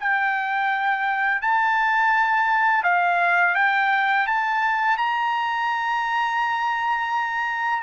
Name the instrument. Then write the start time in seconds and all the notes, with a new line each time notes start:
trumpet
0.00 G5
1.42 A5
2.83 F5
3.55 G5
4.26 A5
4.97 A#5